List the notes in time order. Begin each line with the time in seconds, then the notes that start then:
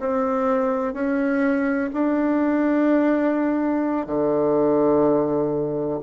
0.00 C4
0.94 C#4
1.94 D4
4.07 D3